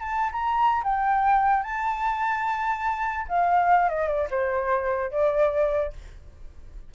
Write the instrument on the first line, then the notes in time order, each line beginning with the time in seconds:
flute
0.00 A5
0.32 A#5
0.84 G5
1.63 A5
3.29 F5
3.89 D#5
4.08 D5
4.31 C5
5.12 D5